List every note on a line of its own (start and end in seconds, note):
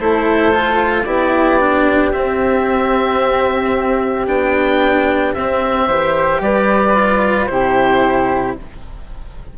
0.00 1.06 A3
0.00 0.52 E4
0.00 1.04 A4
0.00 1.04 C5
0.52 1.06 F4
1.04 2.13 B3
1.04 1.60 E4
1.04 5.86 G4
1.04 2.12 D5
1.60 2.13 D4
2.13 4.27 C4
2.13 4.27 E5
4.27 5.34 B3
4.27 5.34 D4
4.27 5.35 G5
5.34 5.88 C4
5.34 5.90 C4
5.34 6.42 E5
5.87 6.40 E3
5.87 6.95 G4
5.87 6.41 C5
6.40 7.48 G3
6.40 7.51 B4
6.40 7.46 D5
6.95 7.49 F4
7.46 8.57 C3
7.46 8.56 E4
7.46 8.58 G4
7.46 8.53 C5